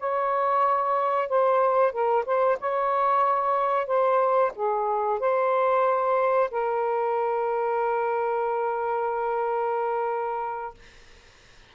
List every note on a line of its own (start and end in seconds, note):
0.00 1.29 C#5
1.29 1.92 C5
1.92 2.25 A#4
2.26 2.58 C5
2.61 3.87 C#5
3.87 4.52 C5
4.56 5.20 G#4
5.20 6.50 C5
6.51 10.75 A#4